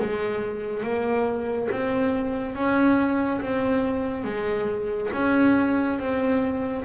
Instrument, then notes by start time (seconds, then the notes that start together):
double bass
0.00 G#3
0.83 A#3
1.71 C4
2.55 C#4
3.41 C4
4.24 G#3
5.13 C#4
5.99 C4